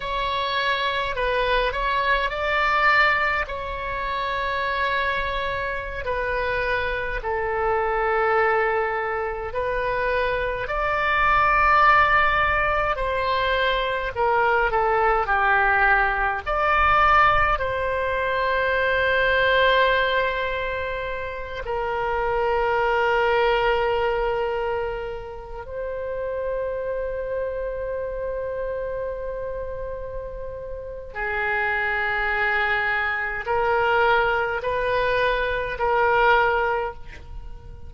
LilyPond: \new Staff \with { instrumentName = "oboe" } { \time 4/4 \tempo 4 = 52 cis''4 b'8 cis''8 d''4 cis''4~ | cis''4~ cis''16 b'4 a'4.~ a'16~ | a'16 b'4 d''2 c''8.~ | c''16 ais'8 a'8 g'4 d''4 c''8.~ |
c''2~ c''8. ais'4~ ais'16~ | ais'2~ ais'16 c''4.~ c''16~ | c''2. gis'4~ | gis'4 ais'4 b'4 ais'4 | }